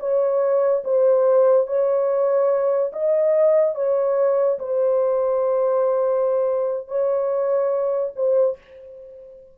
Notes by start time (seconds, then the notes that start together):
0.00 C#5
0.84 C5
1.67 C#5
2.93 D#5
3.75 C#5
4.59 C5
6.88 C#5
8.16 C5